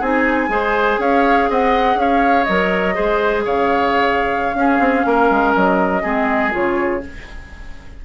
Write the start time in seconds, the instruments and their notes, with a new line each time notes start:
0.00 bassoon C4, clarinet D#4, oboe G#4, flute G#5
0.48 bassoon G#3, clarinet G#4, oboe C5
0.99 bassoon C#4, oboe C#5, flute F5
1.49 bassoon C4, oboe D#5, flute F#5
1.95 bassoon C#4, oboe C#5, flute F5
2.44 bassoon F#3, clarinet A#4, flute D#5
2.95 bassoon G#3, clarinet G#4, oboe C5
3.45 bassoon C#3, oboe C#5, flute F5
4.54 bassoon C#4, clarinet C#4, oboe G#4
4.79 bassoon C4
5.06 bassoon A#3, oboe A#4
5.30 bassoon G#3
5.54 bassoon F#3, flute D#5
6.03 bassoon G#3, clarinet C4, oboe G#4
6.51 bassoon C#3, clarinet F4, flute C#5